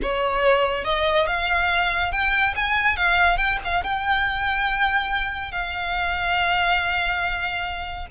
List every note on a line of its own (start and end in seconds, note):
0.02 0.84 C#5
0.84 1.26 D#5
1.26 2.11 F5
2.12 2.54 G5
2.55 2.96 G#5
2.96 3.37 F5
3.37 3.58 G5
3.64 3.83 F5
3.83 5.51 G5
5.51 8.06 F5